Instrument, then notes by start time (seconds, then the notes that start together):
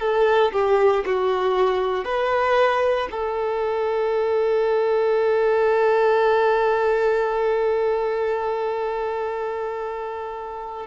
violin
0.00 A4
0.53 G4
1.06 F#4
2.05 B4
3.11 A4